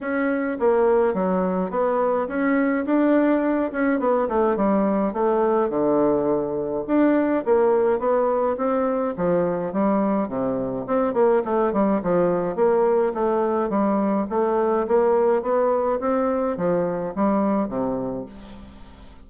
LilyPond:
\new Staff \with { instrumentName = "bassoon" } { \time 4/4 \tempo 4 = 105 cis'4 ais4 fis4 b4 | cis'4 d'4. cis'8 b8 a8 | g4 a4 d2 | d'4 ais4 b4 c'4 |
f4 g4 c4 c'8 ais8 | a8 g8 f4 ais4 a4 | g4 a4 ais4 b4 | c'4 f4 g4 c4 | }